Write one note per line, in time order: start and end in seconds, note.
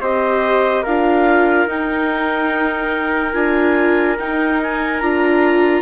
0.00 0.83 C4
0.00 0.86 G4
0.00 0.83 C5
0.00 0.84 D#5
0.83 1.66 D4
0.83 1.69 F4
0.83 5.82 A#4
0.83 1.68 F5
1.66 3.33 D#4
1.66 3.33 G5
3.33 4.17 D4
3.33 4.16 F4
3.33 4.16 G#5
4.19 5.02 D#4
4.19 5.01 D#4
4.19 4.61 G5
4.62 5.00 G#5
5.00 5.82 D4
5.00 5.82 F4
5.00 5.82 A#5